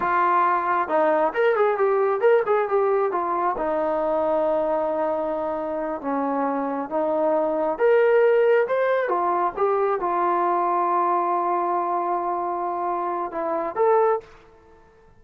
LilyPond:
\new Staff \with { instrumentName = "trombone" } { \time 4/4 \tempo 4 = 135 f'2 dis'4 ais'8 gis'8 | g'4 ais'8 gis'8 g'4 f'4 | dis'1~ | dis'4. cis'2 dis'8~ |
dis'4. ais'2 c''8~ | c''8 f'4 g'4 f'4.~ | f'1~ | f'2 e'4 a'4 | }